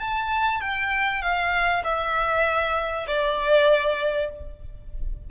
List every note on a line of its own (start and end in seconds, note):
0.00 0.61 A5
0.61 1.22 G5
1.22 1.83 F5
1.84 3.07 E5
3.07 4.30 D5